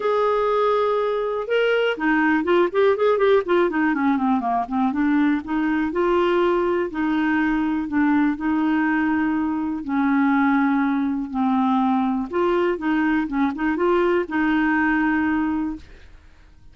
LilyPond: \new Staff \with { instrumentName = "clarinet" } { \time 4/4 \tempo 4 = 122 gis'2. ais'4 | dis'4 f'8 g'8 gis'8 g'8 f'8 dis'8 | cis'8 c'8 ais8 c'8 d'4 dis'4 | f'2 dis'2 |
d'4 dis'2. | cis'2. c'4~ | c'4 f'4 dis'4 cis'8 dis'8 | f'4 dis'2. | }